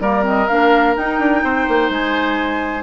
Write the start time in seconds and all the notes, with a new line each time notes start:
0.00 G3 A#3 A#4 D5
0.22 C4 D#5
0.47 A#3 D4 F5
0.96 D#4 G5
1.19 D4
1.43 C4 C5
1.68 A#3
1.89 G#3 G#5